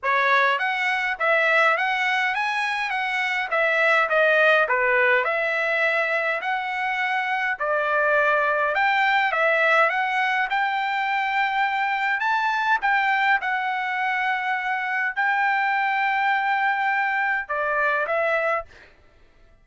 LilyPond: \new Staff \with { instrumentName = "trumpet" } { \time 4/4 \tempo 4 = 103 cis''4 fis''4 e''4 fis''4 | gis''4 fis''4 e''4 dis''4 | b'4 e''2 fis''4~ | fis''4 d''2 g''4 |
e''4 fis''4 g''2~ | g''4 a''4 g''4 fis''4~ | fis''2 g''2~ | g''2 d''4 e''4 | }